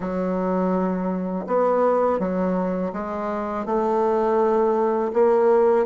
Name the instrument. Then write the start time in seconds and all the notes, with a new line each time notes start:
bassoon
0.00 F#3
1.46 B3
2.19 F#3
2.93 G#3
3.65 A3
5.13 A#3